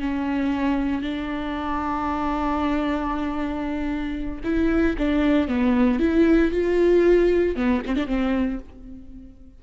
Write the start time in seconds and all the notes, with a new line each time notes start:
0.00 C#4
1.02 D4
4.44 E4
4.98 D4
5.48 B3
5.99 E4
6.51 F4
7.56 B3
7.86 C4
7.96 D4
8.07 C4